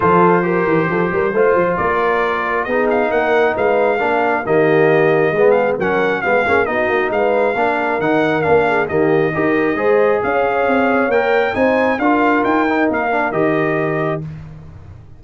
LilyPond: <<
  \new Staff \with { instrumentName = "trumpet" } { \time 4/4 \tempo 4 = 135 c''1 | d''2 dis''8 f''8 fis''4 | f''2 dis''2~ | dis''8 f''8 fis''4 f''4 dis''4 |
f''2 fis''4 f''4 | dis''2. f''4~ | f''4 g''4 gis''4 f''4 | g''4 f''4 dis''2 | }
  \new Staff \with { instrumentName = "horn" } { \time 4/4 a'4 ais'4 a'8 ais'8 c''4 | ais'2 gis'4 ais'4 | b'4 ais'4 g'2 | gis'4 ais'4 gis'4 fis'4 |
b'4 ais'2~ ais'8 gis'8 | g'4 ais'4 c''4 cis''4~ | cis''2 c''4 ais'4~ | ais'1 | }
  \new Staff \with { instrumentName = "trombone" } { \time 4/4 f'4 g'2 f'4~ | f'2 dis'2~ | dis'4 d'4 ais2 | b4 cis'4 b8 cis'8 dis'4~ |
dis'4 d'4 dis'4 d'4 | ais4 g'4 gis'2~ | gis'4 ais'4 dis'4 f'4~ | f'8 dis'4 d'8 g'2 | }
  \new Staff \with { instrumentName = "tuba" } { \time 4/4 f4. e8 f8 g8 a8 f8 | ais2 b4 ais4 | gis4 ais4 dis2 | gis4 fis4 gis8 ais8 b8 ais8 |
gis4 ais4 dis4 ais4 | dis4 dis'4 gis4 cis'4 | c'4 ais4 c'4 d'4 | dis'4 ais4 dis2 | }
>>